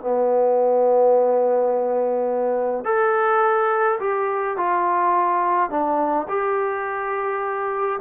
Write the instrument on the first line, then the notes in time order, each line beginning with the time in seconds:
trombone
0.00 B3
2.84 A4
4.00 G4
4.57 F4
5.70 D4
6.28 G4